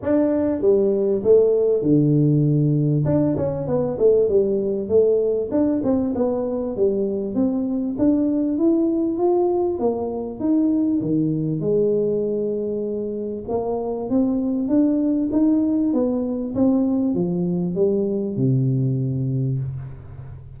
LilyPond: \new Staff \with { instrumentName = "tuba" } { \time 4/4 \tempo 4 = 98 d'4 g4 a4 d4~ | d4 d'8 cis'8 b8 a8 g4 | a4 d'8 c'8 b4 g4 | c'4 d'4 e'4 f'4 |
ais4 dis'4 dis4 gis4~ | gis2 ais4 c'4 | d'4 dis'4 b4 c'4 | f4 g4 c2 | }